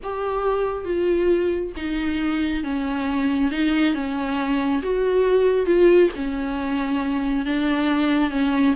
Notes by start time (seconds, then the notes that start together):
0.03 G4
0.85 F4
1.76 D#4
2.63 C#4
3.51 D#4
3.94 C#4
4.82 F#4
5.66 F4
6.15 C#4
7.45 D4
8.30 C#4